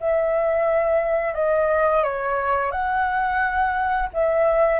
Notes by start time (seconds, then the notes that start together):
0.00 E5
1.34 D#5
2.03 C#5
2.71 F#5
4.13 E5